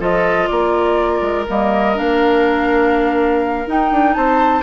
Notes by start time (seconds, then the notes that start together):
0.00 F3 F4 A4 D#5
0.48 A#3 A#4 D5
1.22 G#3
1.47 G3 A#3 D#5
1.95 A#3 D4 F5
3.67 D#4 G5
3.92 D4
4.14 C4 C5 A5